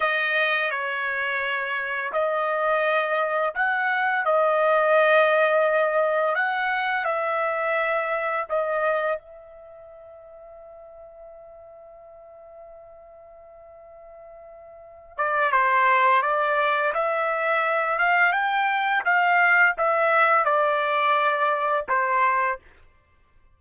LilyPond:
\new Staff \with { instrumentName = "trumpet" } { \time 4/4 \tempo 4 = 85 dis''4 cis''2 dis''4~ | dis''4 fis''4 dis''2~ | dis''4 fis''4 e''2 | dis''4 e''2.~ |
e''1~ | e''4. d''8 c''4 d''4 | e''4. f''8 g''4 f''4 | e''4 d''2 c''4 | }